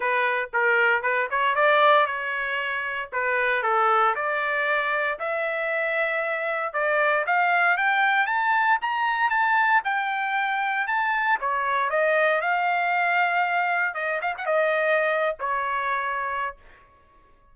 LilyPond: \new Staff \with { instrumentName = "trumpet" } { \time 4/4 \tempo 4 = 116 b'4 ais'4 b'8 cis''8 d''4 | cis''2 b'4 a'4 | d''2 e''2~ | e''4 d''4 f''4 g''4 |
a''4 ais''4 a''4 g''4~ | g''4 a''4 cis''4 dis''4 | f''2. dis''8 f''16 fis''16 | dis''4.~ dis''16 cis''2~ cis''16 | }